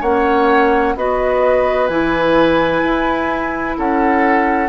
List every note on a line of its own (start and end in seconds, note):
0.00 0.95 A#3
0.00 0.97 C#4
0.00 0.94 C#5
0.00 0.96 F#5
0.96 1.89 B3
0.96 1.90 F#4
0.96 3.77 B4
0.96 1.87 D#5
1.87 2.82 E3
1.87 4.68 E4
1.87 3.75 G#5
2.83 3.77 E4
3.77 4.68 C#4
3.77 4.68 A4
3.77 4.68 F#5